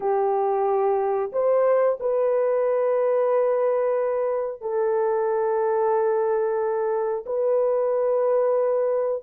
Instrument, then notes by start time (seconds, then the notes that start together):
horn
0.00 G4
1.32 C5
2.00 B4
4.61 A4
7.25 B4